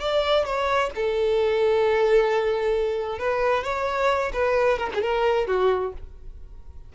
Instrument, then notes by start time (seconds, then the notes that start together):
violin
0.00 D5
0.45 C#5
0.95 A4
3.19 B4
3.64 C#5
4.33 B4
4.78 A#4
4.95 G#4
5.02 A#4
5.47 F#4